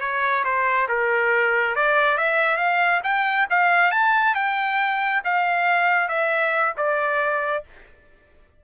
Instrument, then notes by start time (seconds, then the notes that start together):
trumpet
0.00 C#5
0.44 C5
0.88 A#4
1.75 D5
2.17 E5
2.57 F5
3.03 G5
3.49 F5
3.91 A5
4.34 G5
5.24 F5
6.08 E5
6.77 D5